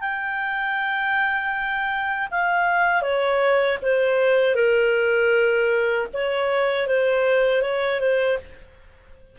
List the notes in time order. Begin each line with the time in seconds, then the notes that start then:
0.00 G5
2.31 F5
3.01 C#5
3.82 C5
4.55 A#4
6.13 C#5
6.87 C5
7.62 C#5
8.00 C5